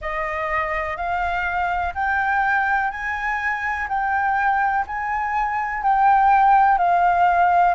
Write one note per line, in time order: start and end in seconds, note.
0.01 0.97 D#5
0.97 1.94 F5
1.94 2.90 G5
2.90 3.87 G#5
3.88 4.85 G5
4.86 5.82 G#5
5.82 6.77 G5
6.77 7.74 F5